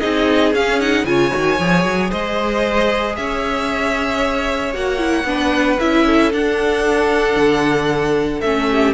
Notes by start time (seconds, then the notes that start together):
0.00 C4 D#4 G#4 D#5
0.54 C#4 F5
0.80 D#4 F#5
1.05 C#3 F4 C#5 G#5
1.31 D#3 F#4
1.60 F3 G#4
1.84 F#3
2.10 G#3 C5 D#5
3.16 C#4 C#5 E5
4.73 A#3 F#4 F#5
4.99 E4
5.24 B3 D4 B4
5.79 C#4 E4 E5
6.06 A4
6.33 D4 F#5
7.36 D3
8.41 A3 C#4 E5
8.70 G4